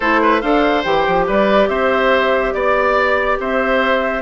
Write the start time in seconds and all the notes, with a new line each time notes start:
0.00 A3 E4 A4 C5
0.22 B4
0.40 D4 A4 C5 F5
0.84 E3 G4 G5
1.07 F3
1.26 G3 B4 D5
1.68 C4 C5 E5
2.52 B3 D5
3.39 C4 C5 E5